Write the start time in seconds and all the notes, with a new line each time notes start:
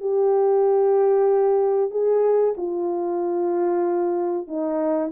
0.00 G4
1.91 G#4
2.57 F4
4.47 D#4